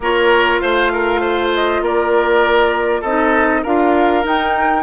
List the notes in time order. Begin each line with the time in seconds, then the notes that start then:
0.00 A#3 F4 A#4 C#5
0.59 A3 C5 F5
0.92 A#4
1.21 C5
1.54 D#5
1.81 A#3 A#4 D5
3.01 C4 D#4 A4 D#5
3.62 D4 F4 A#4 F5
4.22 D#4 G5